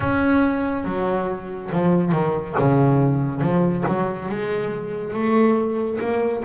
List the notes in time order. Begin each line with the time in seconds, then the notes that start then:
0.00 C#4
0.84 F#3
1.72 F3
2.12 D#3
2.58 C#3
3.41 F3
3.87 F#3
4.28 G#3
5.13 A3
6.00 A#3